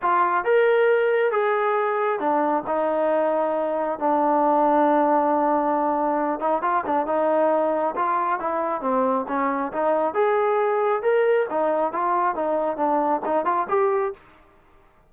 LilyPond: \new Staff \with { instrumentName = "trombone" } { \time 4/4 \tempo 4 = 136 f'4 ais'2 gis'4~ | gis'4 d'4 dis'2~ | dis'4 d'2.~ | d'2~ d'8 dis'8 f'8 d'8 |
dis'2 f'4 e'4 | c'4 cis'4 dis'4 gis'4~ | gis'4 ais'4 dis'4 f'4 | dis'4 d'4 dis'8 f'8 g'4 | }